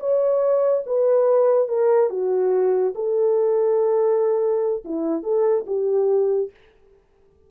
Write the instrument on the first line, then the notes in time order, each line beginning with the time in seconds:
horn
0.00 C#5
0.86 B4
1.68 A#4
2.10 F#4
2.95 A4
4.85 E4
5.23 A4
5.67 G4